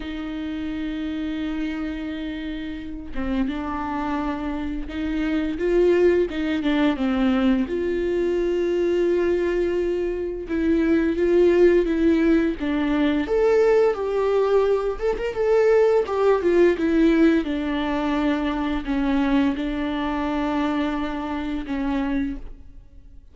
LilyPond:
\new Staff \with { instrumentName = "viola" } { \time 4/4 \tempo 4 = 86 dis'1~ | dis'8 c'8 d'2 dis'4 | f'4 dis'8 d'8 c'4 f'4~ | f'2. e'4 |
f'4 e'4 d'4 a'4 | g'4. a'16 ais'16 a'4 g'8 f'8 | e'4 d'2 cis'4 | d'2. cis'4 | }